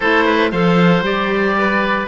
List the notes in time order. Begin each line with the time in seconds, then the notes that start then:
0.00 A3 E4 A4 C5
0.24 B4
0.51 F3 A4 C5 F5
1.01 G3 G4 D5
1.58 B4